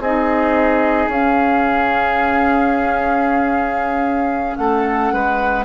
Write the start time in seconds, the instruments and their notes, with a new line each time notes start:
0.00 bassoon C4, clarinet D#4, oboe G#4, flute D#5
1.07 bassoon C#4, flute F5
1.14 clarinet C#4
4.57 bassoon A3, oboe A4, flute F#5
5.13 bassoon G#3, oboe B4